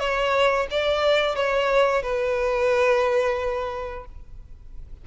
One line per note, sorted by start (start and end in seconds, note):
0.00 0.67 C#5
0.71 1.36 D5
1.36 2.03 C#5
2.03 4.05 B4